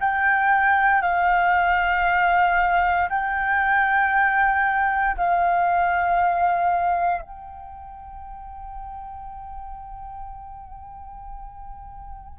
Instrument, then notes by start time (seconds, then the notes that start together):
flute
0.00 G5
1.02 F5
3.09 G5
5.17 F5
7.21 G5